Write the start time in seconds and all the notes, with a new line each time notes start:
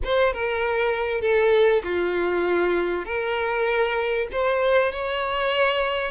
0.04 C5
0.33 A#4
1.21 A4
1.83 F4
3.05 A#4
4.32 C5
4.91 C#5